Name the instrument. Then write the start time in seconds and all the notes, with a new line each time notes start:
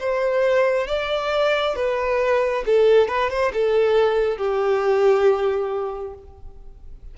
violin
0.00 C5
0.88 D5
1.76 B4
2.66 A4
3.08 B4
3.30 C5
3.54 A4
4.38 G4